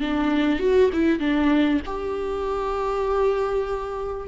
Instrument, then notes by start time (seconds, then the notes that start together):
viola
0.00 D4
0.59 F#4
0.93 E4
1.19 D4
1.86 G4